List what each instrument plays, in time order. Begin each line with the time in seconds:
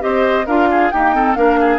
0.00 bassoon C4, clarinet G4, oboe C5, flute D#5
0.46 bassoon D4, clarinet F4, oboe A#4, flute F5
0.71 oboe G#4
0.91 clarinet A#3, bassoon D#4, oboe G4, flute G5
1.14 clarinet C4, oboe A4
1.34 bassoon A#3, clarinet D4, oboe A#4, flute F5
1.60 oboe G#4